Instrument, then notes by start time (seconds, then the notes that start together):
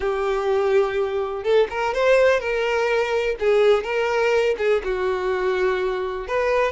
violin
0.00 G4
1.43 A4
1.69 A#4
1.94 C5
2.40 A#4
3.39 G#4
3.83 A#4
4.57 G#4
4.83 F#4
6.27 B4